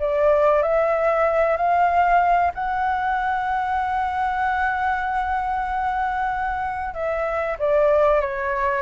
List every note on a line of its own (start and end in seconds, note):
0.00 0.63 D5
0.63 1.57 E5
1.57 2.52 F5
2.55 6.94 F#5
6.94 7.57 E5
7.59 8.21 D5
8.21 8.82 C#5